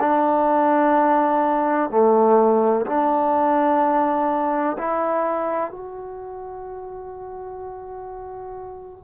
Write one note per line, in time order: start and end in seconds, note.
0.00 1.90 D4
1.90 2.86 A3
2.86 4.77 D4
4.78 5.71 E4
5.71 9.04 F#4